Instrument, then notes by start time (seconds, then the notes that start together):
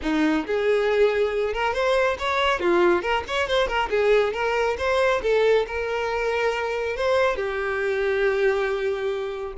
violin
0.02 D#4
0.46 G#4
1.53 A#4
1.73 C5
2.19 C#5
2.59 F4
3.02 A#4
3.27 C#5
3.47 C5
3.67 A#4
3.90 G#4
4.33 A#4
4.77 C5
5.22 A4
5.67 A#4
6.96 C5
7.35 G4